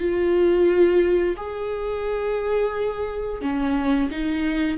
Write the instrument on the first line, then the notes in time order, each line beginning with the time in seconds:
viola
0.00 F4
1.37 G#4
3.42 C#4
4.12 D#4